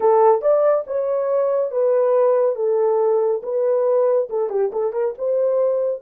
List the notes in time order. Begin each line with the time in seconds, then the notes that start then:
0.00 A4
0.41 D5
0.86 C#5
1.71 B4
2.55 A4
3.42 B4
4.29 A4
4.49 G4
4.72 A4
4.92 A#4
5.17 C5